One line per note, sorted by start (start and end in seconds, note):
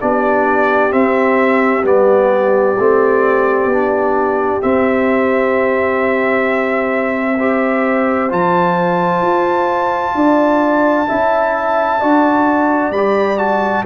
0.00 0.94 B3
0.00 0.90 D4
0.00 7.37 G4
0.00 0.92 D5
0.90 1.82 C4
0.90 1.84 C4
0.90 1.85 E5
1.83 2.76 G3
1.83 2.76 B3
1.83 4.62 D5
2.78 3.66 A3
2.78 3.72 C4
3.66 4.58 B3
3.66 4.62 D4
4.62 7.38 C4
4.62 8.32 C4
4.62 8.31 E5
7.37 8.29 G4
7.37 10.14 C5
8.29 9.21 F3
8.29 11.06 F4
8.29 12.92 A5
9.21 10.14 F4
10.14 11.07 D4
10.14 11.09 D5
11.07 12.02 C#4
11.07 12.00 E4
11.07 12.00 E5
12.00 12.91 D4
12.00 12.93 F#4
12.00 13.85 D5
12.91 13.83 G3
12.91 13.38 B5
12.97 13.38 G4
13.38 13.84 F#4
13.38 13.84 A5